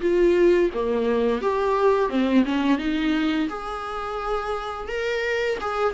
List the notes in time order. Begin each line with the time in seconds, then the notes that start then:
0.00 F4
0.73 A#3
1.41 G4
2.09 C4
2.45 C#4
2.78 D#4
3.49 G#4
4.88 A#4
5.60 G#4